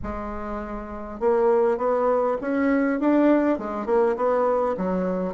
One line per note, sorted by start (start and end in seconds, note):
0.02 1.20 G#3
1.20 1.77 A#3
1.77 2.37 B3
2.41 3.00 C#4
3.00 3.58 D4
3.58 3.86 G#3
3.86 4.16 A#3
4.16 4.75 B3
4.77 5.33 F#3